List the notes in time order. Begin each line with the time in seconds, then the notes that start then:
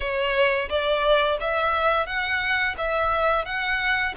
0.00 C#5
0.69 D5
1.40 E5
2.06 F#5
2.77 E5
3.45 F#5